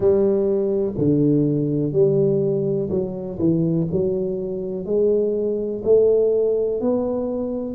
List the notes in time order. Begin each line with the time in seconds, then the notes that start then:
0.00 G3
0.97 D3
1.92 G3
2.90 F#3
3.38 E3
3.91 F#3
4.85 G#3
5.84 A3
6.80 B3